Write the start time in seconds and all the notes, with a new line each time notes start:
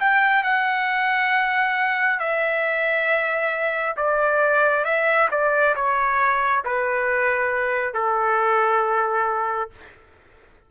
0.00 G5
0.43 F#5
2.19 E5
3.96 D5
4.84 E5
5.31 D5
5.75 C#5
6.64 B4
7.94 A4